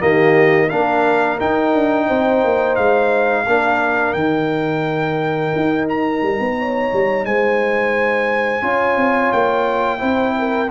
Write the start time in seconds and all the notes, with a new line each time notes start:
0.00 D#3 A#3 G4 D#5
0.67 A#3 D4 A#4 F5
1.39 D#4 G5
1.75 D4
2.07 C4 C5
2.44 A#3
2.76 G#3 F5
3.47 A#3 D4 A#4
4.14 D#3 D#4 G5
5.56 D#4
5.89 A#5
6.23 G3
6.40 B3
6.59 C#5
6.94 G3
7.25 G#3 C5 G#5
8.62 C#4 F4 C#5
8.97 C4
9.32 A#3 G5
9.99 C4 E4 C5
10.39 A#4